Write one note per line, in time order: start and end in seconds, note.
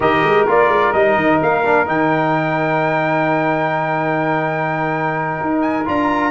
0.00 0.22 D#3
0.00 0.47 G4
0.00 6.31 A#4
0.00 0.47 D#5
0.22 0.46 G#3
0.47 0.68 A#3
0.47 0.94 F4
0.47 0.93 D5
0.68 0.91 G#3
0.93 1.15 G3
0.93 1.64 D#4
0.93 1.39 D#5
1.15 1.39 D#3
1.42 1.87 A#3
1.42 1.88 F5
1.64 1.86 D4
1.86 5.38 D#3
1.86 5.84 D#4
1.86 5.61 G5
5.40 5.87 D#4
5.61 5.84 G#5
5.85 6.31 D4
5.85 6.31 F4
5.85 6.31 A#5